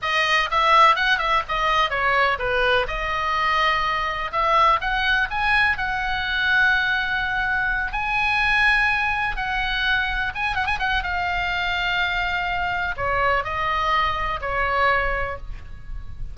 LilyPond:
\new Staff \with { instrumentName = "oboe" } { \time 4/4 \tempo 4 = 125 dis''4 e''4 fis''8 e''8 dis''4 | cis''4 b'4 dis''2~ | dis''4 e''4 fis''4 gis''4 | fis''1~ |
fis''8 gis''2. fis''8~ | fis''4. gis''8 fis''16 gis''16 fis''8 f''4~ | f''2. cis''4 | dis''2 cis''2 | }